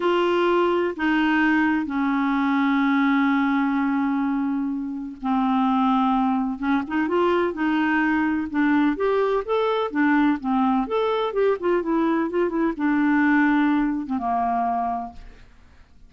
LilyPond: \new Staff \with { instrumentName = "clarinet" } { \time 4/4 \tempo 4 = 127 f'2 dis'2 | cis'1~ | cis'2. c'4~ | c'2 cis'8 dis'8 f'4 |
dis'2 d'4 g'4 | a'4 d'4 c'4 a'4 | g'8 f'8 e'4 f'8 e'8 d'4~ | d'4.~ d'16 c'16 ais2 | }